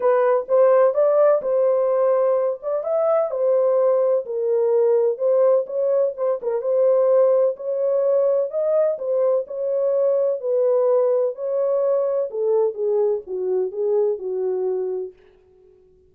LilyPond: \new Staff \with { instrumentName = "horn" } { \time 4/4 \tempo 4 = 127 b'4 c''4 d''4 c''4~ | c''4. d''8 e''4 c''4~ | c''4 ais'2 c''4 | cis''4 c''8 ais'8 c''2 |
cis''2 dis''4 c''4 | cis''2 b'2 | cis''2 a'4 gis'4 | fis'4 gis'4 fis'2 | }